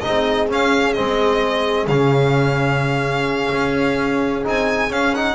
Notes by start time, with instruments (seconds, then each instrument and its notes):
0.00 trombone D#4, horn G#4, violin D#5
0.07 double bass C4
0.48 trombone C#4, double bass C#4, violin F5
0.93 double bass G#3, trombone C4, violin D#5
1.87 double bass C#3, trombone C#4, violin F5
3.52 double bass C#4
4.43 double bass C4, trombone D#4, violin G#5
4.90 double bass C#4, trombone C#4, violin F5
5.15 trombone D#4, violin F#5